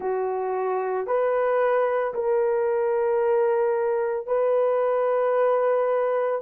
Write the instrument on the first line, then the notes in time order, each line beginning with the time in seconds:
horn
0.00 F#4
1.06 B4
2.14 A#4
4.26 B4